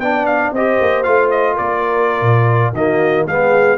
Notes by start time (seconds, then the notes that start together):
0.00 B3 D4 D5 G5
0.26 F5
0.52 C4 G4 C5 D#5
0.81 A#3
1.04 A3 F4 F5
1.31 D#5
1.54 A#3 A#4 D5
2.22 A#2
2.73 D#3 A#3 F#4 D#5
3.26 G#3 B3 G#4 F5